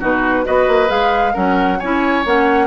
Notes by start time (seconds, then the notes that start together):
0.00 B2 D#4 F#4 B4
0.44 B3 F#4 B4 D#5
0.68 A#3
0.87 G#3 G#4 F5
1.33 F#3 C#4 A#4 F#5
1.79 C#4 E4 C#5 G#5
2.25 A#3 C#4 F#5